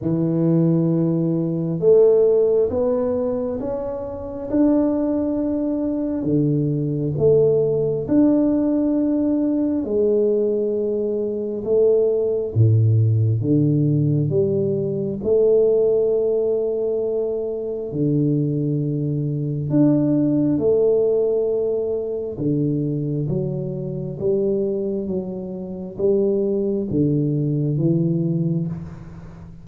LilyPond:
\new Staff \with { instrumentName = "tuba" } { \time 4/4 \tempo 4 = 67 e2 a4 b4 | cis'4 d'2 d4 | a4 d'2 gis4~ | gis4 a4 a,4 d4 |
g4 a2. | d2 d'4 a4~ | a4 d4 fis4 g4 | fis4 g4 d4 e4 | }